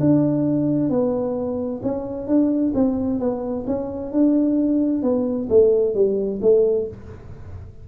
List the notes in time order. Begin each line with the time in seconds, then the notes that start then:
0.00 D4
0.89 B3
1.83 C#4
2.27 D4
2.74 C4
3.20 B3
3.67 C#4
4.12 D4
5.03 B3
5.49 A3
5.94 G3
6.42 A3